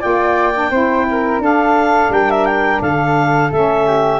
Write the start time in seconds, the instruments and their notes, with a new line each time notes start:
0.00 tuba A#3, saxophone F4, flute D5, clarinet G5
0.54 saxophone D4
0.71 tuba C4, saxophone E4, flute C5
1.11 flute A#4
1.39 tuba D4, saxophone D4, flute A4, clarinet F5
2.10 tuba G3, flute A#4, clarinet G5
2.31 clarinet E5
2.46 clarinet G5
2.82 tuba D3, flute A4, clarinet F5
3.52 tuba A3, saxophone C#4, clarinet E5
3.87 flute G4